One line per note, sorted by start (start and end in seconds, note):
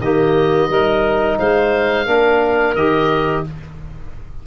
0.00 0.69 D#3
0.00 0.71 A#3
0.00 0.69 G4
0.00 1.39 D#5
0.69 1.38 G3
0.69 2.07 D#4
0.69 1.38 A#4
1.39 2.07 G#3
1.39 2.06 C5
1.39 2.75 F5
2.06 2.75 A#3
2.06 2.76 D4
2.06 3.44 A#4
2.75 3.44 D#3
2.75 3.47 G4
2.75 3.44 D#5